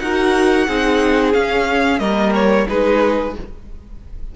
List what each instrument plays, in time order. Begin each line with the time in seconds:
0.00 cello D#4, viola F#4, violin A#4 F#5
0.67 cello C4, viola D#4, violin G#4
1.33 viola C#4, cello C#4, violin F5
1.99 cello G3, viola A#3, violin A#4 D#5
2.34 violin C#5
2.69 cello G#3, viola D#4, violin G#4 B4